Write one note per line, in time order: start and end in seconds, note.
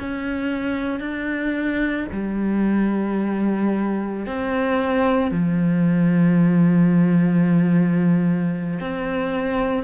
0.00 1.00 C#4
1.00 2.07 D4
2.12 4.27 G3
4.27 5.31 C4
5.31 8.80 F3
8.81 9.84 C4